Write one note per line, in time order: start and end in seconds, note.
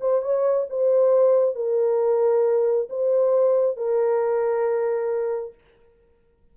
0.00 0.22 C5
0.22 0.66 C#5
0.69 1.55 C5
1.55 2.88 A#4
2.89 3.76 C5
3.76 5.54 A#4